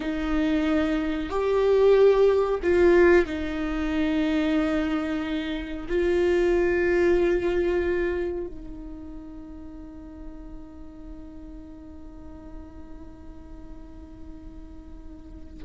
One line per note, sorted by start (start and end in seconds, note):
0.00 1.29 D#4
1.29 2.60 G4
2.62 3.26 F4
3.26 5.87 D#4
5.88 8.46 F4
8.46 15.64 D#4